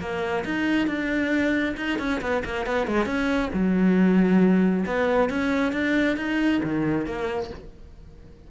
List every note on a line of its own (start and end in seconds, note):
0.00 0.44 A#3
0.45 0.87 D#4
0.87 1.75 D4
1.77 1.99 D#4
1.99 2.21 C#4
2.21 2.43 B3
2.45 2.66 A#3
2.66 2.87 B3
2.87 3.06 G#3
3.06 3.50 C#4
3.53 4.85 F#3
4.86 5.30 B3
5.30 5.73 C#4
5.73 6.17 D4
6.17 6.61 D#4
6.64 7.06 D#3
7.06 7.50 A#3